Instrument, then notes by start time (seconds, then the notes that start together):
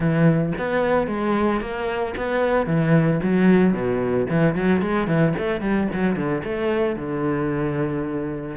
cello
0.00 E3
0.58 B3
1.07 G#3
1.60 A#3
2.16 B3
2.66 E3
3.22 F#3
3.73 B2
4.30 E3
4.54 F#3
4.81 G#3
5.07 E3
5.37 A3
5.61 G3
5.93 F#3
6.15 D3
6.44 A3
6.96 D3